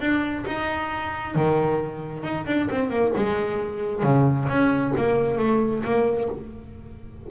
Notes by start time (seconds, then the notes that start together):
0.00 D4
0.46 D#4
1.35 D#3
2.23 D#4
2.46 D4
2.70 C4
2.90 A#3
3.16 G#3
4.03 C#3
4.48 C#4
4.96 A#3
5.38 A3
5.84 A#3